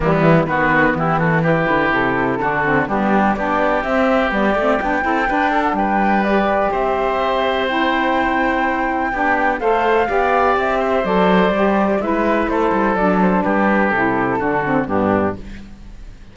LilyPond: <<
  \new Staff \with { instrumentName = "flute" } { \time 4/4 \tempo 4 = 125 e'4 b'4 g'8 a'8 b'4 | a'2 g'4 d''4 | e''4 d''4 g''4.~ g''16 fis''16 | g''4 d''4 e''2 |
g''1 | f''2 e''4 d''4~ | d''4 e''4 c''4 d''8 c''8 | b'4 a'2 g'4 | }
  \new Staff \with { instrumentName = "oboe" } { \time 4/4 b4 fis'4 e'8 fis'8 g'4~ | g'4 fis'4 d'4 g'4~ | g'2~ g'8 a'8 b'8 a'8 | b'2 c''2~ |
c''2. g'4 | c''4 d''4. c''4.~ | c''4 b'4 a'2 | g'2 fis'4 d'4 | }
  \new Staff \with { instrumentName = "saxophone" } { \time 4/4 g4 b2 e'4~ | e'4 d'8 c'8 b4 d'4 | c'4 b8 c'8 d'8 e'8 d'4~ | d'4 g'2. |
e'2. d'4 | a'4 g'2 a'4 | g'4 e'2 d'4~ | d'4 e'4 d'8 c'8 b4 | }
  \new Staff \with { instrumentName = "cello" } { \time 4/4 e4 dis4 e4. d8 | c4 d4 g4 b4 | c'4 g8 a8 b8 c'8 d'4 | g2 c'2~ |
c'2. b4 | a4 b4 c'4 fis4 | g4 gis4 a8 g8 fis4 | g4 c4 d4 g,4 | }
>>